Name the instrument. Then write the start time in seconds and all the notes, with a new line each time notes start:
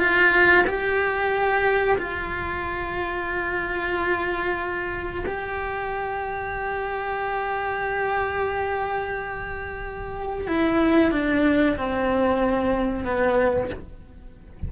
cello
0.00 F4
0.68 G4
1.99 F4
5.26 G4
10.48 E4
11.12 D4
11.77 C4
13.05 B3